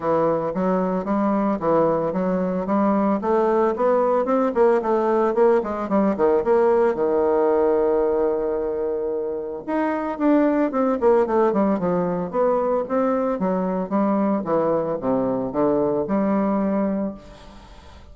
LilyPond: \new Staff \with { instrumentName = "bassoon" } { \time 4/4 \tempo 4 = 112 e4 fis4 g4 e4 | fis4 g4 a4 b4 | c'8 ais8 a4 ais8 gis8 g8 dis8 | ais4 dis2.~ |
dis2 dis'4 d'4 | c'8 ais8 a8 g8 f4 b4 | c'4 fis4 g4 e4 | c4 d4 g2 | }